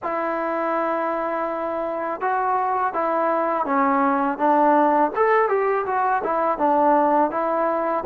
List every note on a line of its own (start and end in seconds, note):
0.03 2.21 E4
2.21 2.93 F#4
2.93 3.65 E4
3.65 4.37 C#4
4.37 5.11 D4
5.16 5.48 A4
5.48 5.85 G4
5.85 6.22 F#4
6.23 6.58 E4
6.58 7.30 D4
7.30 8.04 E4